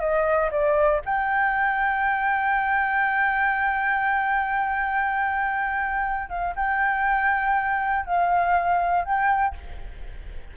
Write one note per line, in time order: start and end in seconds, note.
0.00 0.50 D#5
0.51 1.01 D5
1.05 6.29 G5
6.29 6.54 F5
6.55 8.05 G5
8.06 9.05 F5
9.05 9.55 G5